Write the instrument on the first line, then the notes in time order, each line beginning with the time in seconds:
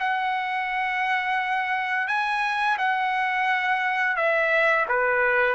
trumpet
0.00 F#5
2.08 G#5
2.78 F#5
4.17 E5
4.89 B4